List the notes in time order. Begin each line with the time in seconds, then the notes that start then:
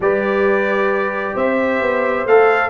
0.00 G3 G4 B4 D5
1.34 C4 C5 E5
1.80 B3
2.25 A3 A4 F5